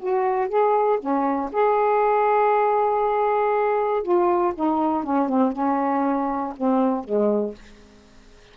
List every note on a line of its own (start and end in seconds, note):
0.00 0.49 F#4
0.49 0.99 G#4
1.00 1.51 C#4
1.53 4.03 G#4
4.03 4.54 F4
4.55 5.04 D#4
5.04 5.29 C#4
5.29 5.53 C4
5.53 6.54 C#4
6.57 7.05 C4
7.05 7.55 G#3